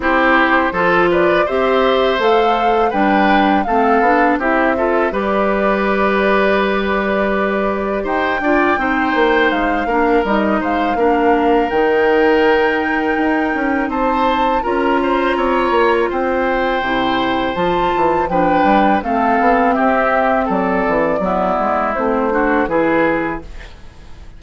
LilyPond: <<
  \new Staff \with { instrumentName = "flute" } { \time 4/4 \tempo 4 = 82 c''4. d''8 e''4 f''4 | g''4 f''4 e''4 d''4~ | d''2. g''4~ | g''4 f''4 dis''8 f''4. |
g''2. a''4 | ais''2 g''2 | a''4 g''4 f''4 e''4 | d''2 c''4 b'4 | }
  \new Staff \with { instrumentName = "oboe" } { \time 4/4 g'4 a'8 b'8 c''2 | b'4 a'4 g'8 a'8 b'4~ | b'2. c''8 d''8 | c''4. ais'4 c''8 ais'4~ |
ais'2. c''4 | ais'8 c''8 cis''4 c''2~ | c''4 b'4 a'4 g'4 | a'4 e'4. fis'8 gis'4 | }
  \new Staff \with { instrumentName = "clarinet" } { \time 4/4 e'4 f'4 g'4 a'4 | d'4 c'8 d'8 e'8 f'8 g'4~ | g'2.~ g'8 f'8 | dis'4. d'8 dis'4 d'4 |
dis'1 | f'2. e'4 | f'4 d'4 c'2~ | c'4 b4 c'8 d'8 e'4 | }
  \new Staff \with { instrumentName = "bassoon" } { \time 4/4 c'4 f4 c'4 a4 | g4 a8 b8 c'4 g4~ | g2. dis'8 d'8 | c'8 ais8 gis8 ais8 g8 gis8 ais4 |
dis2 dis'8 cis'8 c'4 | cis'4 c'8 ais8 c'4 c4 | f8 e8 f8 g8 a8 b8 c'4 | fis8 e8 fis8 gis8 a4 e4 | }
>>